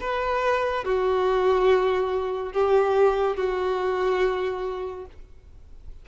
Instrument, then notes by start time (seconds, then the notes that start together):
violin
0.00 B4
0.84 F#4
2.53 G4
3.36 F#4